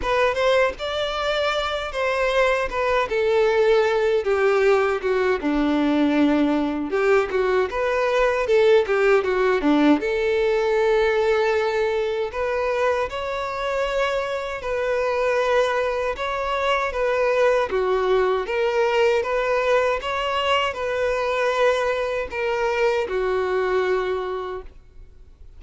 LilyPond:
\new Staff \with { instrumentName = "violin" } { \time 4/4 \tempo 4 = 78 b'8 c''8 d''4. c''4 b'8 | a'4. g'4 fis'8 d'4~ | d'4 g'8 fis'8 b'4 a'8 g'8 | fis'8 d'8 a'2. |
b'4 cis''2 b'4~ | b'4 cis''4 b'4 fis'4 | ais'4 b'4 cis''4 b'4~ | b'4 ais'4 fis'2 | }